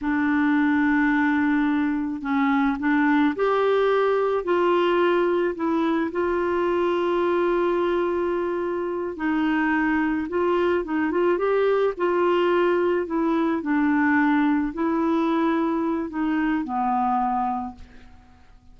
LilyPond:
\new Staff \with { instrumentName = "clarinet" } { \time 4/4 \tempo 4 = 108 d'1 | cis'4 d'4 g'2 | f'2 e'4 f'4~ | f'1~ |
f'8 dis'2 f'4 dis'8 | f'8 g'4 f'2 e'8~ | e'8 d'2 e'4.~ | e'4 dis'4 b2 | }